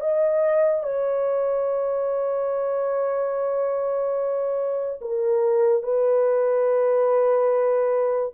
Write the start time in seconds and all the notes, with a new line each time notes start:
0.00 D#5
0.83 C#5
5.01 A#4
5.82 B4